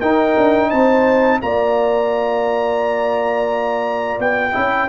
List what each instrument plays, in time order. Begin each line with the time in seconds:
0.00 tuba D#4, trombone D#4, horn A#4, trumpet G5
0.38 tuba D4
0.70 tuba C4, horn C5, trumpet A5
1.42 tuba A#3, trombone F4, horn D5, trumpet A#5
4.20 tuba B3, trumpet G5
4.53 tuba C#4, trombone E4, horn E5